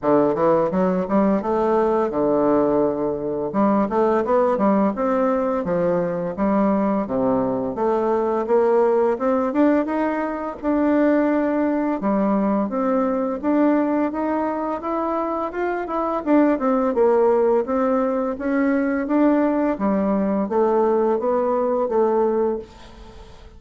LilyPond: \new Staff \with { instrumentName = "bassoon" } { \time 4/4 \tempo 4 = 85 d8 e8 fis8 g8 a4 d4~ | d4 g8 a8 b8 g8 c'4 | f4 g4 c4 a4 | ais4 c'8 d'8 dis'4 d'4~ |
d'4 g4 c'4 d'4 | dis'4 e'4 f'8 e'8 d'8 c'8 | ais4 c'4 cis'4 d'4 | g4 a4 b4 a4 | }